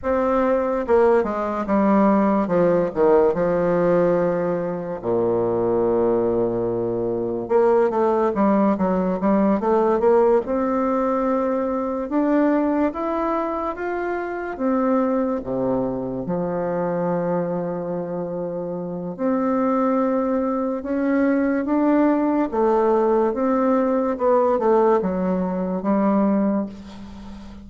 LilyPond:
\new Staff \with { instrumentName = "bassoon" } { \time 4/4 \tempo 4 = 72 c'4 ais8 gis8 g4 f8 dis8 | f2 ais,2~ | ais,4 ais8 a8 g8 fis8 g8 a8 | ais8 c'2 d'4 e'8~ |
e'8 f'4 c'4 c4 f8~ | f2. c'4~ | c'4 cis'4 d'4 a4 | c'4 b8 a8 fis4 g4 | }